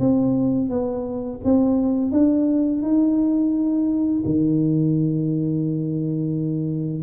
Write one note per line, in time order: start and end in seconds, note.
0.00 0.70 C4
0.70 1.41 B3
1.45 2.12 C4
2.12 2.82 D4
2.82 4.24 D#4
4.25 7.03 D#3